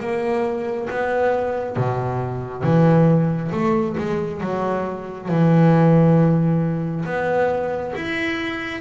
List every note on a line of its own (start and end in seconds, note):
0.00 0.88 A#3
0.90 1.76 B3
1.76 2.63 B2
2.63 3.51 E3
3.51 3.95 A3
3.97 4.40 G#3
4.40 5.28 F#3
5.28 7.04 E3
7.05 7.93 B3
7.95 8.80 E4